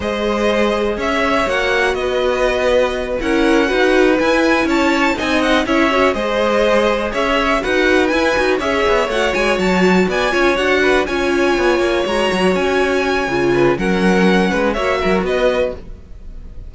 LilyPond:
<<
  \new Staff \with { instrumentName = "violin" } { \time 4/4 \tempo 4 = 122 dis''2 e''4 fis''4 | dis''2~ dis''8 fis''4.~ | fis''8 gis''4 a''4 gis''8 fis''8 e''8~ | e''8 dis''2 e''4 fis''8~ |
fis''8 gis''4 e''4 fis''8 gis''8 a''8~ | a''8 gis''4 fis''4 gis''4.~ | gis''8 ais''4 gis''2~ gis''8 | fis''2 e''4 dis''4 | }
  \new Staff \with { instrumentName = "violin" } { \time 4/4 c''2 cis''2 | b'2~ b'8 ais'4 b'8~ | b'4. cis''4 dis''4 cis''8~ | cis''8 c''2 cis''4 b'8~ |
b'4. cis''2~ cis''8~ | cis''8 d''8 cis''4 b'8 cis''4.~ | cis''2.~ cis''8 b'8 | ais'4. b'8 cis''8 ais'8 b'4 | }
  \new Staff \with { instrumentName = "viola" } { \time 4/4 gis'2. fis'4~ | fis'2~ fis'8 e'4 fis'8~ | fis'8 e'2 dis'4 e'8 | fis'8 gis'2. fis'8~ |
fis'8 e'8 fis'8 gis'4 fis'4.~ | fis'4 f'8 fis'4 f'4.~ | f'8 fis'2~ fis'8 f'4 | cis'2 fis'2 | }
  \new Staff \with { instrumentName = "cello" } { \time 4/4 gis2 cis'4 ais4 | b2~ b8 cis'4 dis'8~ | dis'8 e'4 cis'4 c'4 cis'8~ | cis'8 gis2 cis'4 dis'8~ |
dis'8 e'8 dis'8 cis'8 b8 a8 gis8 fis8~ | fis8 b8 cis'8 d'4 cis'4 b8 | ais8 gis8 fis8 cis'4. cis4 | fis4. gis8 ais8 fis8 b4 | }
>>